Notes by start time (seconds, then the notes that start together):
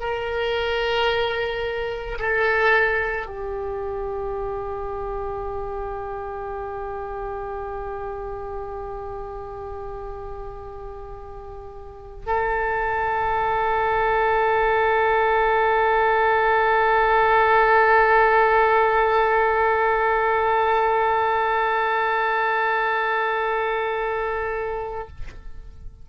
0.00 A#4
2.19 A4
3.26 G4
12.27 A4